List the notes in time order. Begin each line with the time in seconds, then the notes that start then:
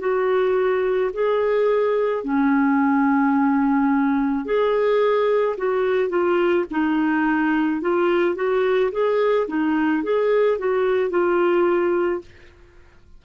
0.00 F#4
1.13 G#4
2.24 C#4
4.45 G#4
5.58 F#4
6.10 F4
6.71 D#4
7.81 F4
8.35 F#4
8.92 G#4
9.48 D#4
10.04 G#4
10.59 F#4
11.10 F4